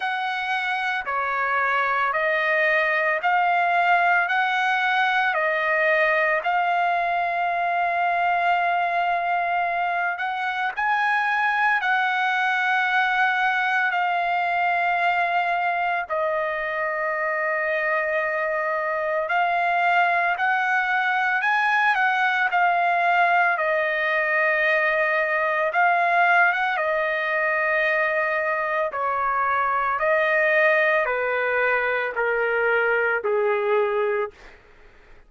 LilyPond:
\new Staff \with { instrumentName = "trumpet" } { \time 4/4 \tempo 4 = 56 fis''4 cis''4 dis''4 f''4 | fis''4 dis''4 f''2~ | f''4. fis''8 gis''4 fis''4~ | fis''4 f''2 dis''4~ |
dis''2 f''4 fis''4 | gis''8 fis''8 f''4 dis''2 | f''8. fis''16 dis''2 cis''4 | dis''4 b'4 ais'4 gis'4 | }